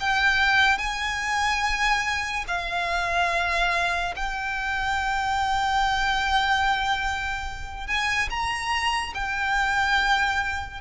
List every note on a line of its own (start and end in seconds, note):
0.00 0.78 G5
0.78 2.45 G#5
2.48 4.15 F5
4.16 7.87 G5
7.87 8.29 G#5
8.30 9.14 A#5
9.14 10.81 G5